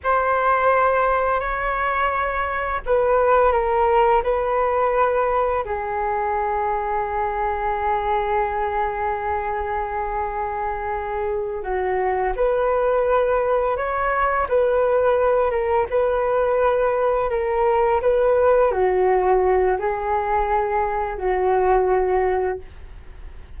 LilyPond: \new Staff \with { instrumentName = "flute" } { \time 4/4 \tempo 4 = 85 c''2 cis''2 | b'4 ais'4 b'2 | gis'1~ | gis'1~ |
gis'8 fis'4 b'2 cis''8~ | cis''8 b'4. ais'8 b'4.~ | b'8 ais'4 b'4 fis'4. | gis'2 fis'2 | }